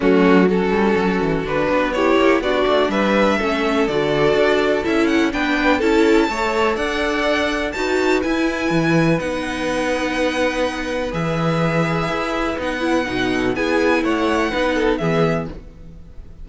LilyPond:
<<
  \new Staff \with { instrumentName = "violin" } { \time 4/4 \tempo 4 = 124 fis'4 a'2 b'4 | cis''4 d''4 e''2 | d''2 e''8 fis''8 g''4 | a''2 fis''2 |
a''4 gis''2 fis''4~ | fis''2. e''4~ | e''2 fis''2 | gis''4 fis''2 e''4 | }
  \new Staff \with { instrumentName = "violin" } { \time 4/4 cis'4 fis'2. | g'4 fis'4 b'4 a'4~ | a'2. b'4 | a'4 cis''4 d''2 |
b'1~ | b'1~ | b'2.~ b'8 a'8 | gis'4 cis''4 b'8 a'8 gis'4 | }
  \new Staff \with { instrumentName = "viola" } { \time 4/4 a4 cis'2 d'4 | e'4 d'2 cis'4 | fis'2 e'4 d'4 | e'4 a'2. |
fis'4 e'2 dis'4~ | dis'2. gis'4~ | gis'2 dis'8 e'8 dis'4 | e'2 dis'4 b4 | }
  \new Staff \with { instrumentName = "cello" } { \time 4/4 fis4. g8 fis8 e8 d8 b8~ | b8 ais8 b8 a8 g4 a4 | d4 d'4 cis'4 b4 | cis'4 a4 d'2 |
dis'4 e'4 e4 b4~ | b2. e4~ | e4 e'4 b4 b,4 | b4 a4 b4 e4 | }
>>